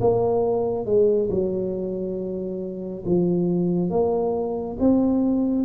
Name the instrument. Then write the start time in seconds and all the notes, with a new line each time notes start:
tuba
0.00 A#3
0.85 G#3
1.30 F#3
3.06 F3
3.90 A#3
4.79 C4